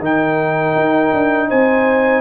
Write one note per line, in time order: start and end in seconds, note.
0.00 0.75 D#3
0.00 2.22 D#4
0.00 1.49 A#4
0.00 1.50 G5
0.75 1.13 D#4
1.13 1.51 D4
1.49 2.22 C4
1.49 2.22 C5
1.49 2.22 G#5